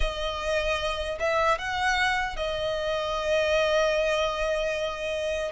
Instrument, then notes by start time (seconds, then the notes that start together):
violin
0.00 D#5
1.19 E5
1.58 F#5
2.36 D#5